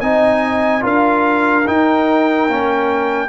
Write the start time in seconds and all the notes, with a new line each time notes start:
0.00 C4 D#4 D#5 G#5
0.81 D4 F4 A#4 F5
1.67 D#4 G5
2.48 A#3 C#4